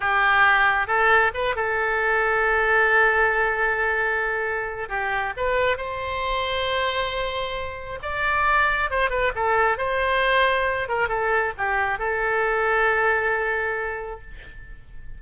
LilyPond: \new Staff \with { instrumentName = "oboe" } { \time 4/4 \tempo 4 = 135 g'2 a'4 b'8 a'8~ | a'1~ | a'2. g'4 | b'4 c''2.~ |
c''2 d''2 | c''8 b'8 a'4 c''2~ | c''8 ais'8 a'4 g'4 a'4~ | a'1 | }